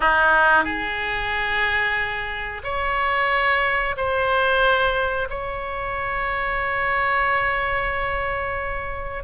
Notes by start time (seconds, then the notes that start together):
0.00 D#4
0.64 G#4
2.63 C#5
3.96 C5
5.29 C#5